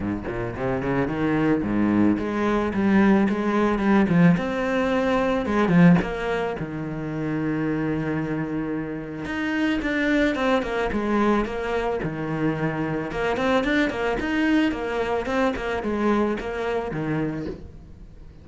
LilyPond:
\new Staff \with { instrumentName = "cello" } { \time 4/4 \tempo 4 = 110 gis,8 ais,8 c8 cis8 dis4 gis,4 | gis4 g4 gis4 g8 f8 | c'2 gis8 f8 ais4 | dis1~ |
dis4 dis'4 d'4 c'8 ais8 | gis4 ais4 dis2 | ais8 c'8 d'8 ais8 dis'4 ais4 | c'8 ais8 gis4 ais4 dis4 | }